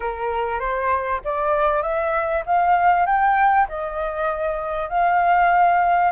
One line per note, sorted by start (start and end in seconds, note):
0.00 0.59 A#4
0.59 1.21 C5
1.24 1.82 D5
1.82 2.43 E5
2.46 3.06 F5
3.06 3.67 G5
3.68 4.89 D#5
4.89 6.11 F5